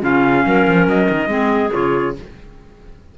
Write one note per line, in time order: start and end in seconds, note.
0.00 0.45 C#3
0.00 1.28 C#4
0.00 0.44 F4
0.00 0.89 F5
0.46 0.67 F#3
0.46 1.31 A#4
0.68 0.87 F3
0.87 1.09 F#3
0.87 1.73 D#5
1.10 1.27 D#3
1.27 1.70 G#3
1.27 1.70 C4
1.27 2.16 G#4
1.71 2.18 C#3
1.71 2.14 F4
1.71 2.16 C#5